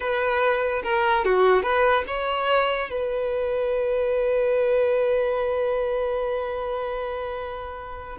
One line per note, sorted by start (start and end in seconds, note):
0.00 0.82 B4
0.83 1.24 A#4
1.25 1.63 F#4
1.63 2.04 B4
2.07 2.90 C#5
2.90 8.17 B4